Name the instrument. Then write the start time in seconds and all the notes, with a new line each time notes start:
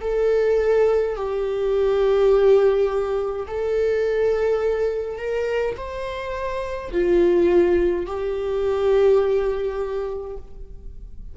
viola
0.00 A4
1.15 G4
3.47 A4
5.18 A#4
5.76 C5
6.91 F4
8.06 G4